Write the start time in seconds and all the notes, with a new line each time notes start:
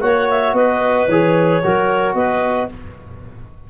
0.00 A#3 F#4 C#5 F#5
0.30 E5
0.53 B3 B4 D#5
1.08 E3 G#4 C#5
1.63 F#3 F#4 A#4
2.14 B3 B4 D#5